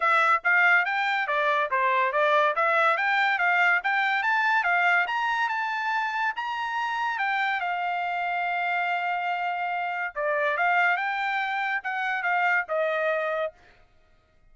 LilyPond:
\new Staff \with { instrumentName = "trumpet" } { \time 4/4 \tempo 4 = 142 e''4 f''4 g''4 d''4 | c''4 d''4 e''4 g''4 | f''4 g''4 a''4 f''4 | ais''4 a''2 ais''4~ |
ais''4 g''4 f''2~ | f''1 | d''4 f''4 g''2 | fis''4 f''4 dis''2 | }